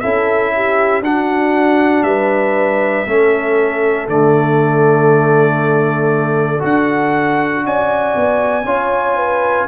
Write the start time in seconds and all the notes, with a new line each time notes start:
0.00 C#4 E4 A4 E5
0.55 G4
1.01 D4 F#4 F#5
2.03 G3 B4 E5
3.06 A3 C#4 A4
4.08 D3 A3 D5
6.59 D4 F#4 F#5
7.64 C#4 D5 G#5
8.15 B3
8.64 C#4 F4 C#5
9.16 B4